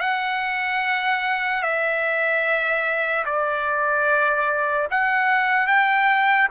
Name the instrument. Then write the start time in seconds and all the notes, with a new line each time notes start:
trumpet
0.00 F#5
1.63 E5
3.25 D5
4.90 F#5
5.67 G5